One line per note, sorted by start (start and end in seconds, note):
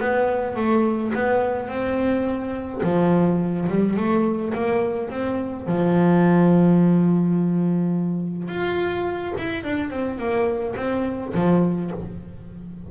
0.00 0.56 B3
0.56 1.13 A3
1.14 1.68 B3
1.68 2.81 C4
2.83 3.68 F3
3.69 3.97 G3
3.97 4.54 A3
4.54 5.10 A#3
5.10 5.67 C4
5.67 8.49 F3
8.49 9.33 F4
9.38 9.64 E4
9.64 9.91 D4
9.91 10.18 C4
10.18 10.75 A#3
10.76 11.33 C4
11.34 11.91 F3